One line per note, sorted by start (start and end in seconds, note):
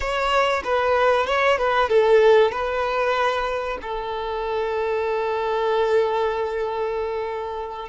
0.00 0.62 C#5
0.64 1.26 B4
1.26 1.58 C#5
1.58 1.89 B4
1.89 2.51 A4
2.51 3.78 B4
3.81 7.88 A4